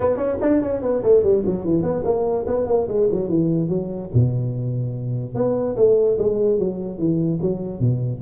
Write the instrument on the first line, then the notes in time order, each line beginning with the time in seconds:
tuba
0.00 B3
0.16 C#4
0.41 D4
0.62 C#4
0.81 B3
1.03 A3
1.23 G3
1.45 F#3
1.64 E3
1.82 B3
2.04 A#3
2.46 B3
2.67 A#3
2.88 G#3
3.11 F#3
3.29 E3
3.69 F#3
4.14 B2
5.34 B3
5.76 A3
6.18 G#3
6.58 F#3
6.98 E3
7.41 F#3
7.80 B2